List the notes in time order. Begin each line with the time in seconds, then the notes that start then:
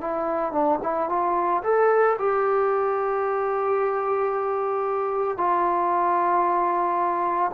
0.00 E4
0.52 D4
0.82 E4
1.09 F4
1.63 A4
2.18 G4
5.37 F4